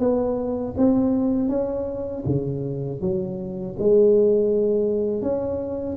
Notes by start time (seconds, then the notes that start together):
0.00 B3
0.77 C4
1.49 C#4
2.26 C#3
3.01 F#3
3.79 G#3
5.22 C#4